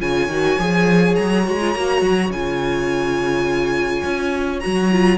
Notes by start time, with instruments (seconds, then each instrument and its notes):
0.00 cello C#3, viola F4, violin C#5 G#5
0.27 cello D#3, viola F#4
0.59 cello F3, viola G#4
1.15 cello F#3, violin A#5
1.43 cello G#3, viola F#4
1.60 viola F4
1.75 cello A#3, viola F#4
2.01 cello F#3
2.29 cello C#3, viola F4, violin G#5
4.04 cello C#4
4.60 cello F#3, viola F#4, violin A#5
4.92 viola F4